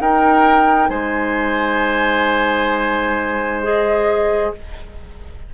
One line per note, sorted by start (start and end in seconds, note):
0.00 0.89 D#4
0.00 3.63 D#4
0.00 0.90 A#4
0.00 0.90 G5
0.89 4.53 G#3
0.89 4.53 C5
0.89 3.62 G#5
3.63 4.54 G#4
3.63 4.54 D#5